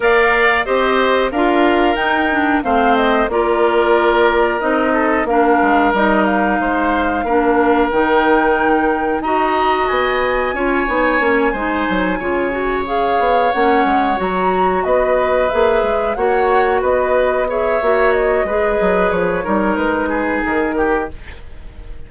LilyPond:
<<
  \new Staff \with { instrumentName = "flute" } { \time 4/4 \tempo 4 = 91 f''4 dis''4 f''4 g''4 | f''8 dis''8 d''2 dis''4 | f''4 dis''8 f''2~ f''8 | g''2 ais''4 gis''4~ |
gis''2.~ gis''8 f''8~ | f''8 fis''4 ais''4 dis''4 e''8~ | e''8 fis''4 dis''4 e''4 dis''8~ | dis''4 cis''4 b'4 ais'4 | }
  \new Staff \with { instrumentName = "oboe" } { \time 4/4 d''4 c''4 ais'2 | c''4 ais'2~ ais'8 a'8 | ais'2 c''4 ais'4~ | ais'2 dis''2 |
cis''4. c''4 cis''4.~ | cis''2~ cis''8 b'4.~ | b'8 cis''4 b'4 cis''4. | b'4. ais'4 gis'4 g'8 | }
  \new Staff \with { instrumentName = "clarinet" } { \time 4/4 ais'4 g'4 f'4 dis'8 d'8 | c'4 f'2 dis'4 | d'4 dis'2 d'4 | dis'2 fis'2 |
f'8 dis'8 cis'8 dis'4 f'8 fis'8 gis'8~ | gis'8 cis'4 fis'2 gis'8~ | gis'8 fis'2 gis'8 fis'4 | gis'4. dis'2~ dis'8 | }
  \new Staff \with { instrumentName = "bassoon" } { \time 4/4 ais4 c'4 d'4 dis'4 | a4 ais2 c'4 | ais8 gis8 g4 gis4 ais4 | dis2 dis'4 b4 |
cis'8 b8 ais8 gis8 fis8 cis4. | b8 ais8 gis8 fis4 b4 ais8 | gis8 ais4 b4. ais4 | gis8 fis8 f8 g8 gis4 dis4 | }
>>